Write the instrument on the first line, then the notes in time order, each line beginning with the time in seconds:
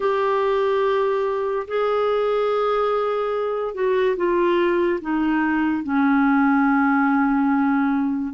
clarinet
0.00 G4
1.67 G#4
3.74 F#4
4.16 F4
5.01 D#4
5.83 C#4